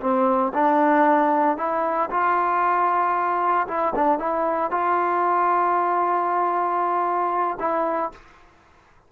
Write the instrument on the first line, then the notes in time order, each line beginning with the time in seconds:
trombone
0.00 C4
0.53 D4
1.57 E4
2.10 F4
3.67 E4
3.95 D4
4.19 E4
4.71 F4
7.59 E4